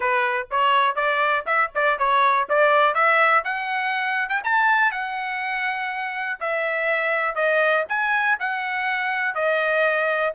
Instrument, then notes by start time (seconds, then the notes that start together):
trumpet
0.00 B4
0.50 C#5
0.95 D5
1.46 E5
1.75 D5
1.98 C#5
2.49 D5
2.94 E5
3.44 F#5
4.29 G5
4.44 A5
4.91 F#5
6.39 E5
7.35 D#5
7.88 G#5
8.39 F#5
9.34 D#5